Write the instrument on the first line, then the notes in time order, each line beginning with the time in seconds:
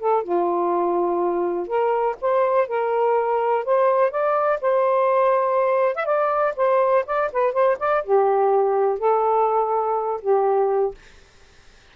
saxophone
0.00 A4
0.23 F4
1.67 A#4
2.21 C5
2.67 A#4
3.65 C5
4.10 D5
4.61 C5
5.95 E5
6.05 D5
6.56 C5
7.06 D5
7.32 B4
7.53 C5
7.79 D5
8.04 G4
8.98 A4
10.21 G4